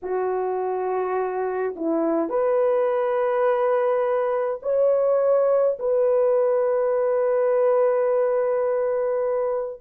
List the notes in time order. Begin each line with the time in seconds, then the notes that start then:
0.02 F#4
1.76 E4
2.29 B4
4.62 C#5
5.79 B4